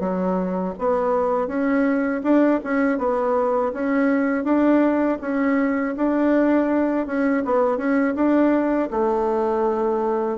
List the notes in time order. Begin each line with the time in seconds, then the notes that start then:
0.00 F#3
0.79 B3
1.48 C#4
2.24 D4
2.64 C#4
2.99 B3
3.73 C#4
4.44 D4
5.21 C#4
5.97 D4
7.07 C#4
7.45 B3
7.78 C#4
8.16 D4
8.91 A3